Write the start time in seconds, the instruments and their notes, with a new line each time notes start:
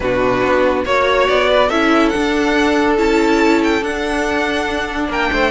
0.00 cello B2, viola D4, violin F#4 B4
0.44 cello B3
0.85 cello A#3, viola F#4, violin C#5
1.28 cello B3, violin D5
1.48 violin B4
1.68 cello C#4, viola E4, violin A4 E5
2.09 viola D4, violin F#5
2.16 cello D4
2.97 cello C#4, viola E4, violin A5
3.63 violin G5
3.81 cello D4, viola D4, violin F#5
5.08 cello A#3, violin A#4 G5
5.32 cello A3, violin C5